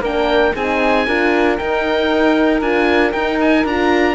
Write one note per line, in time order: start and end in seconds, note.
0.00 0.52 A#3
0.00 0.55 D4
0.00 0.53 A#4
0.00 0.55 G5
0.55 1.07 C4
0.55 1.07 D#4
0.55 1.07 G#4
0.55 1.57 G#5
1.07 1.58 D4
1.07 1.58 F4
1.07 4.15 A#4
1.57 2.61 D#4
1.57 2.61 G5
2.61 3.12 D4
2.61 3.13 F4
2.61 3.12 G#5
3.12 3.64 D#4
3.12 3.66 D#4
3.12 3.38 G5
3.40 3.66 G#5
3.64 4.15 D4
3.64 4.15 F4
3.64 4.15 A#5